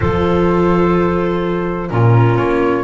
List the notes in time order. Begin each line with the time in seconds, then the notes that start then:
0.00 F3 F4 A4 C5
1.89 A#2 C#4 F4 A#4
2.37 A#3 C#5